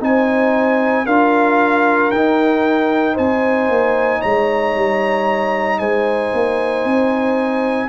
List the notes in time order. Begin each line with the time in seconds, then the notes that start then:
0.00 C4 D#4 C5 G#5
1.05 D4 F4 A#4 F5
2.11 D#4 G5
3.14 C4 C5 G#5
3.68 A#3
4.20 G#3 C#5 A#5
4.74 G3
5.78 G#3 C5 G#5
6.33 A#3
6.84 C4